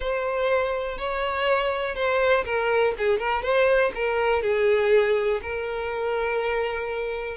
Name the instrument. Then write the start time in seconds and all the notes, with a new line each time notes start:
violin
0.00 C5
0.98 C#5
1.95 C5
2.44 A#4
2.98 G#4
3.18 A#4
3.42 C5
3.94 A#4
4.42 G#4
5.42 A#4